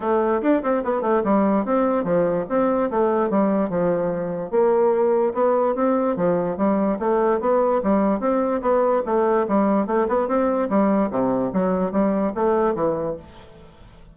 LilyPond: \new Staff \with { instrumentName = "bassoon" } { \time 4/4 \tempo 4 = 146 a4 d'8 c'8 b8 a8 g4 | c'4 f4 c'4 a4 | g4 f2 ais4~ | ais4 b4 c'4 f4 |
g4 a4 b4 g4 | c'4 b4 a4 g4 | a8 b8 c'4 g4 c4 | fis4 g4 a4 e4 | }